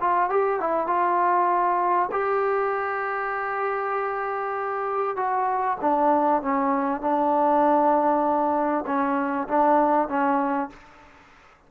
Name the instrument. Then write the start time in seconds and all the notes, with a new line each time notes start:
trombone
0.00 F4
0.29 G4
0.60 E4
0.87 F4
2.11 G4
5.16 F#4
5.80 D4
6.42 C#4
7.01 D4
8.86 C#4
9.48 D4
10.08 C#4